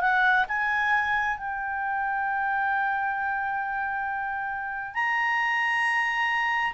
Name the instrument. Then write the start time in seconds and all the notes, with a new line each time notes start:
clarinet
0.00 F#5
0.48 G#5
1.37 G5
4.94 A#5